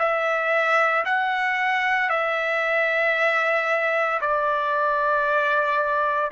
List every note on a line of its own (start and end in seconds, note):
0.00 1.05 E5
1.06 2.10 F#5
2.10 4.21 E5
4.22 6.32 D5